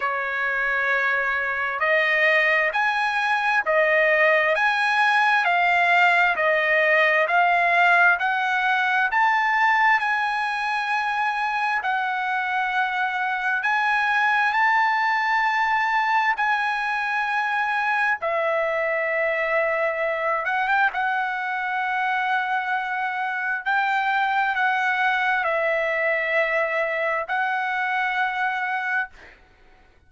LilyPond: \new Staff \with { instrumentName = "trumpet" } { \time 4/4 \tempo 4 = 66 cis''2 dis''4 gis''4 | dis''4 gis''4 f''4 dis''4 | f''4 fis''4 a''4 gis''4~ | gis''4 fis''2 gis''4 |
a''2 gis''2 | e''2~ e''8 fis''16 g''16 fis''4~ | fis''2 g''4 fis''4 | e''2 fis''2 | }